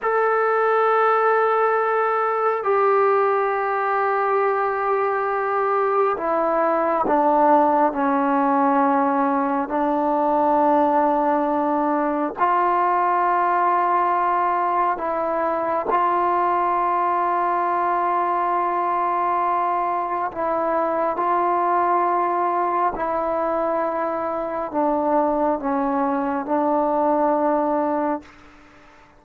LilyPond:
\new Staff \with { instrumentName = "trombone" } { \time 4/4 \tempo 4 = 68 a'2. g'4~ | g'2. e'4 | d'4 cis'2 d'4~ | d'2 f'2~ |
f'4 e'4 f'2~ | f'2. e'4 | f'2 e'2 | d'4 cis'4 d'2 | }